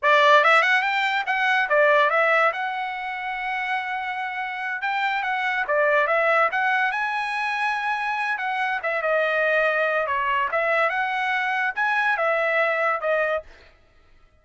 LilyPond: \new Staff \with { instrumentName = "trumpet" } { \time 4/4 \tempo 4 = 143 d''4 e''8 fis''8 g''4 fis''4 | d''4 e''4 fis''2~ | fis''2.~ fis''8 g''8~ | g''8 fis''4 d''4 e''4 fis''8~ |
fis''8 gis''2.~ gis''8 | fis''4 e''8 dis''2~ dis''8 | cis''4 e''4 fis''2 | gis''4 e''2 dis''4 | }